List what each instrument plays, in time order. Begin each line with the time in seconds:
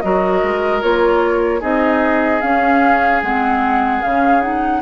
0.00 bassoon F#3, clarinet F#4, oboe A#4, flute D#5
0.43 bassoon G#3
0.81 bassoon A#3, clarinet F4, flute C#5
1.60 bassoon C4, clarinet D#4, oboe G#4, flute D#5
2.41 clarinet C#4, bassoon C#4, flute F5
3.22 bassoon G#3, clarinet C4, flute F#5
4.02 bassoon C#3, clarinet C#4, flute F5
4.41 clarinet D#4, flute F#5